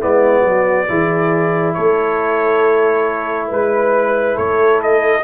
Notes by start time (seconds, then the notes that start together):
0.00 G#3 B3 E4 D5
0.41 F#3 F#4
0.88 E3 E4 G#4
1.74 A3 A4 C#5
3.49 G#3 B4
4.35 A3 A4 C#5
4.83 D#5